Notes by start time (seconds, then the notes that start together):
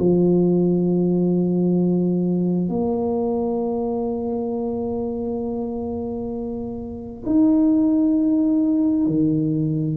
0.00 F3
2.69 A#3
7.26 D#4
9.07 D#3